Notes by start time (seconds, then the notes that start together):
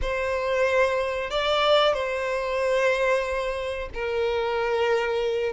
0.01 C5
1.30 D5
1.93 C5
3.94 A#4